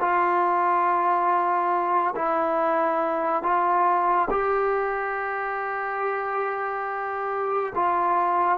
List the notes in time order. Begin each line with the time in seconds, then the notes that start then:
0.00 F4
2.15 E4
3.42 F4
4.30 G4
7.75 F4